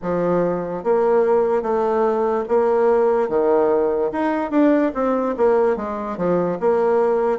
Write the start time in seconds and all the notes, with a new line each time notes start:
0.01 F3
0.83 A#3
1.62 A3
2.48 A#3
3.28 D#3
4.12 D#4
4.51 D4
4.94 C4
5.36 A#3
5.76 G#3
6.17 F3
6.59 A#3